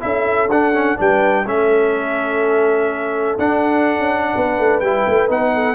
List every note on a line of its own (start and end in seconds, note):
0.00 0.48 C#4
0.00 0.48 E4
0.00 0.99 A4
0.00 0.50 E5
0.48 0.96 D4
0.48 0.74 D4
0.48 0.99 F#5
0.74 0.97 C#4
0.97 1.45 G3
0.97 1.45 D4
0.97 1.45 B4
0.97 1.48 G5
1.45 3.37 A3
1.45 3.38 C#4
1.45 4.33 A4
1.45 3.39 E5
3.38 3.98 D4
3.38 4.83 D4
3.38 4.80 F#5
3.98 4.34 C#4
4.33 4.59 B3
4.33 5.53 B4
4.59 4.81 A3
4.80 5.05 G3
4.80 5.29 E4
4.80 5.28 G5
5.07 5.29 A3
5.29 5.75 B3
5.29 5.75 D#4
5.29 5.75 F#5
5.54 5.75 A4